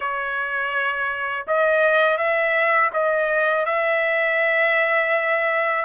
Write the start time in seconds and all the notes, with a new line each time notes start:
0.00 C#5
1.47 D#5
2.18 E5
2.93 D#5
3.66 E5